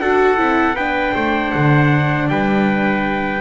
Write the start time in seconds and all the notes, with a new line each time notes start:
0.00 D4 F#4 A4 F#5
0.37 C4 E4
0.75 B3 D4 B4 G5
1.15 A3 C5
1.51 D3 F#5
2.29 G3 B4 G5